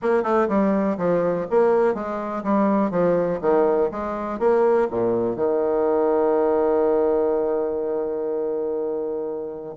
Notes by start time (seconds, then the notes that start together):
0.02 A#3
0.23 A3
0.48 G3
0.97 F3
1.50 A#3
1.94 G#3
2.43 G3
2.90 F3
3.41 D#3
3.91 G#3
4.39 A#3
4.90 A#2
5.36 D#3